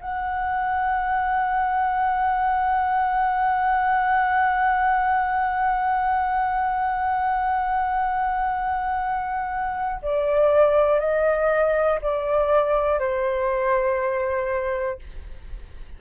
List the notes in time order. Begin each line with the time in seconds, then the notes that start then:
0.00 F#5
10.02 D5
11.00 D#5
12.01 D5
12.99 C5